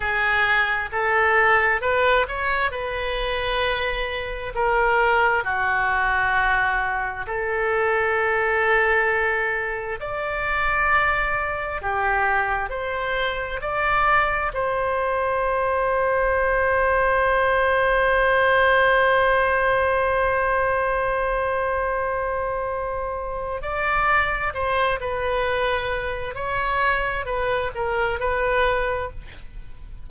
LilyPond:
\new Staff \with { instrumentName = "oboe" } { \time 4/4 \tempo 4 = 66 gis'4 a'4 b'8 cis''8 b'4~ | b'4 ais'4 fis'2 | a'2. d''4~ | d''4 g'4 c''4 d''4 |
c''1~ | c''1~ | c''2 d''4 c''8 b'8~ | b'4 cis''4 b'8 ais'8 b'4 | }